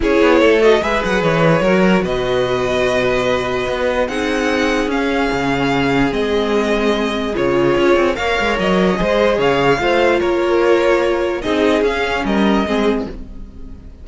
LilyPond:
<<
  \new Staff \with { instrumentName = "violin" } { \time 4/4 \tempo 4 = 147 cis''4. dis''8 e''8 fis''8 cis''4~ | cis''4 dis''2.~ | dis''2 fis''2 | f''2. dis''4~ |
dis''2 cis''2 | f''4 dis''2 f''4~ | f''4 cis''2. | dis''4 f''4 dis''2 | }
  \new Staff \with { instrumentName = "violin" } { \time 4/4 gis'4 a'4 b'2 | ais'4 b'2.~ | b'2 gis'2~ | gis'1~ |
gis'1 | cis''2 c''4 cis''4 | c''4 ais'2. | gis'2 ais'4 gis'4 | }
  \new Staff \with { instrumentName = "viola" } { \time 4/4 e'4. fis'8 gis'2 | fis'1~ | fis'2 dis'2 | cis'2. c'4~ |
c'2 f'2 | ais'2 gis'2 | f'1 | dis'4 cis'2 c'4 | }
  \new Staff \with { instrumentName = "cello" } { \time 4/4 cis'8 b8 a4 gis8 fis8 e4 | fis4 b,2.~ | b,4 b4 c'2 | cis'4 cis2 gis4~ |
gis2 cis4 cis'8 c'8 | ais8 gis8 fis4 gis4 cis4 | a4 ais2. | c'4 cis'4 g4 gis4 | }
>>